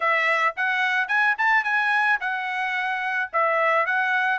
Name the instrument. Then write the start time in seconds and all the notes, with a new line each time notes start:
trumpet
0.00 E5
0.56 F#5
1.07 G#5
1.38 A5
1.64 G#5
2.20 F#5
3.32 E5
3.86 F#5